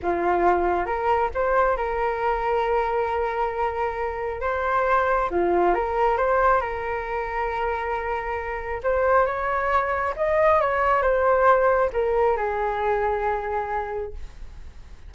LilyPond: \new Staff \with { instrumentName = "flute" } { \time 4/4 \tempo 4 = 136 f'2 ais'4 c''4 | ais'1~ | ais'2 c''2 | f'4 ais'4 c''4 ais'4~ |
ais'1 | c''4 cis''2 dis''4 | cis''4 c''2 ais'4 | gis'1 | }